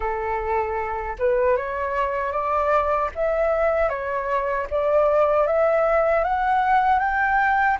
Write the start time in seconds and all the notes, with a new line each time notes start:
0.00 A4
1.19 B4
1.57 C#5
2.32 D5
3.15 E5
3.89 C#5
4.70 D5
5.47 E5
6.23 F#5
6.99 G5